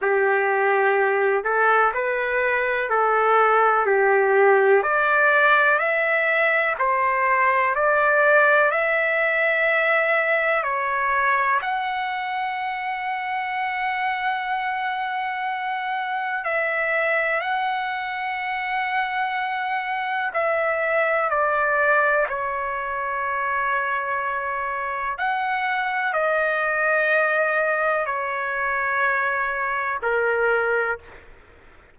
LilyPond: \new Staff \with { instrumentName = "trumpet" } { \time 4/4 \tempo 4 = 62 g'4. a'8 b'4 a'4 | g'4 d''4 e''4 c''4 | d''4 e''2 cis''4 | fis''1~ |
fis''4 e''4 fis''2~ | fis''4 e''4 d''4 cis''4~ | cis''2 fis''4 dis''4~ | dis''4 cis''2 ais'4 | }